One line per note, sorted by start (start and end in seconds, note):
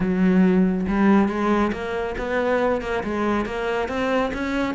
0.00 0.86 F#3
0.88 1.28 G3
1.28 1.71 G#3
1.72 2.15 A#3
2.17 2.81 B3
2.81 3.03 A#3
3.03 3.45 G#3
3.45 3.88 A#3
3.88 4.31 C4
4.33 4.74 C#4